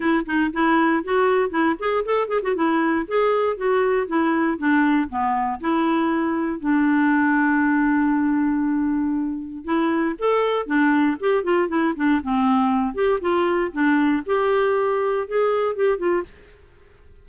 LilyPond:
\new Staff \with { instrumentName = "clarinet" } { \time 4/4 \tempo 4 = 118 e'8 dis'8 e'4 fis'4 e'8 gis'8 | a'8 gis'16 fis'16 e'4 gis'4 fis'4 | e'4 d'4 b4 e'4~ | e'4 d'2.~ |
d'2. e'4 | a'4 d'4 g'8 f'8 e'8 d'8 | c'4. g'8 f'4 d'4 | g'2 gis'4 g'8 f'8 | }